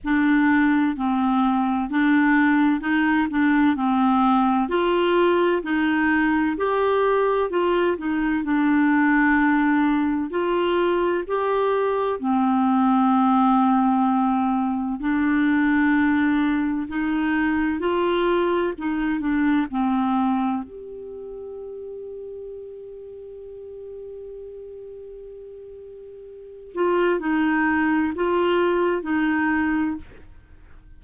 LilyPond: \new Staff \with { instrumentName = "clarinet" } { \time 4/4 \tempo 4 = 64 d'4 c'4 d'4 dis'8 d'8 | c'4 f'4 dis'4 g'4 | f'8 dis'8 d'2 f'4 | g'4 c'2. |
d'2 dis'4 f'4 | dis'8 d'8 c'4 g'2~ | g'1~ | g'8 f'8 dis'4 f'4 dis'4 | }